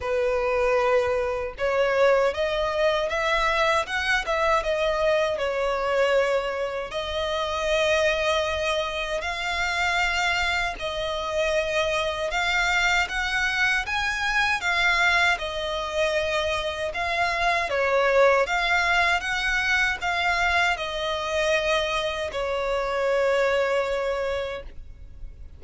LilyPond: \new Staff \with { instrumentName = "violin" } { \time 4/4 \tempo 4 = 78 b'2 cis''4 dis''4 | e''4 fis''8 e''8 dis''4 cis''4~ | cis''4 dis''2. | f''2 dis''2 |
f''4 fis''4 gis''4 f''4 | dis''2 f''4 cis''4 | f''4 fis''4 f''4 dis''4~ | dis''4 cis''2. | }